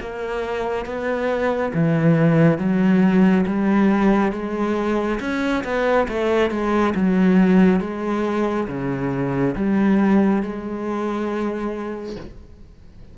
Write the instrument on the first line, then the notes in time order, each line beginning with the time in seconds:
cello
0.00 A#3
0.85 B3
1.74 E3
2.58 F#3
3.46 G3
4.32 G#3
5.20 C#4
5.64 B3
6.08 A3
6.50 G#3
6.95 F#3
7.80 G#3
8.68 C#3
9.55 G3
10.42 G#3